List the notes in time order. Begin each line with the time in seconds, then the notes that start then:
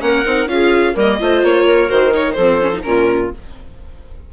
0.00 A#3 C#4 A#4 F#5
0.26 C4 D#4
0.47 C#4 F4 G#4 F5
0.94 G3 A#3 A#4 D#5
1.20 A3 F4 C5
1.43 A#3 C#5
1.65 A#4
1.88 D#3 F#4 C5
2.12 D#4 C#5
2.33 F3 A4 C5
2.40 C4
2.61 C#4
2.74 D#4
2.83 A#2 C#4 F4 A#4